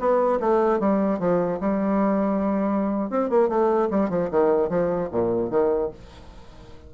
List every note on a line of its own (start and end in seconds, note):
0.00 0.40 B3
0.41 0.80 A3
0.80 1.20 G3
1.20 1.60 F3
1.61 3.11 G3
3.11 3.30 C4
3.30 3.49 A#3
3.49 3.89 A3
3.91 4.10 G3
4.10 4.30 F3
4.31 4.70 D#3
4.70 5.10 F3
5.12 5.51 A#2
5.51 5.91 D#3